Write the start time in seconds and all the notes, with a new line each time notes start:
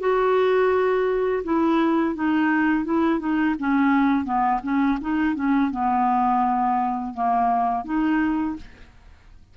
0.00 F#4
1.44 E4
2.15 D#4
2.84 E4
3.19 D#4
3.59 C#4
4.25 B3
4.63 C#4
5.01 D#4
5.35 C#4
5.71 B3
7.14 A#3
7.85 D#4